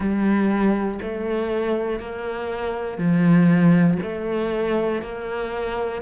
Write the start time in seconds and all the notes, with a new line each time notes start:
0.00 G3
1.02 A3
1.99 A#3
2.97 F3
4.02 A3
5.01 A#3